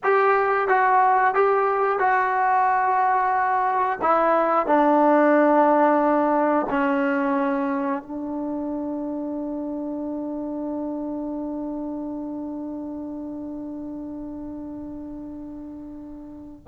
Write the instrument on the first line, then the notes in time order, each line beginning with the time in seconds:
trombone
0.03 G4
0.68 F#4
1.34 G4
1.99 F#4
4.01 E4
4.66 D4
6.69 C#4
8.02 D4